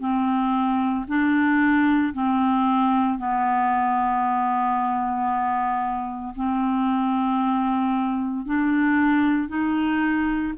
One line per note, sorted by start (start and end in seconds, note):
0.00 1.05 C4
1.08 2.13 D4
2.13 3.18 C4
3.18 6.34 B3
6.35 8.45 C4
8.45 9.48 D4
9.48 10.53 D#4